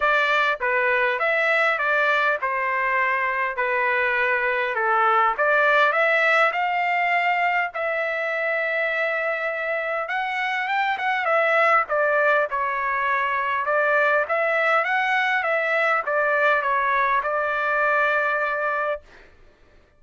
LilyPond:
\new Staff \with { instrumentName = "trumpet" } { \time 4/4 \tempo 4 = 101 d''4 b'4 e''4 d''4 | c''2 b'2 | a'4 d''4 e''4 f''4~ | f''4 e''2.~ |
e''4 fis''4 g''8 fis''8 e''4 | d''4 cis''2 d''4 | e''4 fis''4 e''4 d''4 | cis''4 d''2. | }